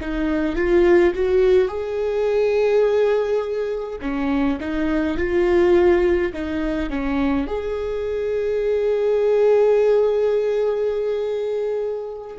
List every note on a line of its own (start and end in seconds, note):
0.00 0.56 D#4
0.56 1.13 F4
1.14 1.68 F#4
1.68 3.99 G#4
4.01 4.59 C#4
4.59 5.17 D#4
5.17 6.32 F4
6.33 6.89 D#4
6.89 7.47 C#4
7.47 12.37 G#4